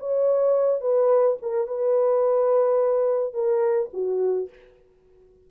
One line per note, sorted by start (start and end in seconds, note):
0.00 0.81 C#5
0.81 1.37 B4
1.42 1.68 A#4
1.68 3.34 B4
3.34 3.90 A#4
3.94 4.50 F#4